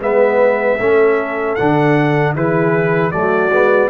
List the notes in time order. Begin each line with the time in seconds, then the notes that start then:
0.00 G#3 B3 B4 E5
0.79 A3 C#4 A4
1.55 D3 D4 F#5
2.35 E3 E4 G#4 B4
3.12 F#3 A3 F#4 D5
3.50 G#3 B3